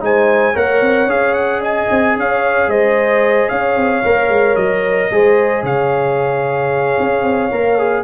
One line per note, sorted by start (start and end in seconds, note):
0.00 0.55 G#3
0.00 0.54 D#4
0.00 0.54 C5
0.00 0.56 G#5
0.54 0.81 A#3
0.54 1.08 A#4
0.54 1.61 C#5
0.54 1.10 F#5
0.81 1.06 C4
1.06 1.86 C#4
1.06 4.03 G#4
1.06 1.33 F5
1.33 1.60 F#5
1.61 2.14 D#5
1.61 2.17 G#5
1.90 2.16 C4
2.16 2.67 C#4
2.16 2.69 C#5
2.16 2.70 F5
2.67 3.47 G#3
2.67 3.49 C5
2.67 3.49 D#5
3.49 3.76 C#4
3.49 5.10 C#5
3.49 4.56 F5
3.76 4.02 C4
4.04 4.28 A#3
4.04 5.11 A#4
4.28 4.55 G#3
4.56 5.09 F#3
4.56 5.63 D#5
5.11 5.62 G#3
5.11 7.51 G#4
5.11 5.63 C5
5.62 6.96 C#3
5.62 8.03 C#5
5.62 8.03 F5
7.00 7.23 C#4
7.23 7.50 C4
7.51 8.03 A#3
7.51 7.78 A#4
7.78 8.03 G#4